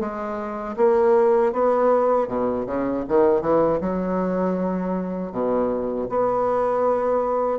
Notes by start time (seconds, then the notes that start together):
0.00 G#3
0.77 A#3
1.53 B3
2.28 B2
2.67 C#3
3.09 D#3
3.41 E3
3.81 F#3
5.32 B2
6.10 B3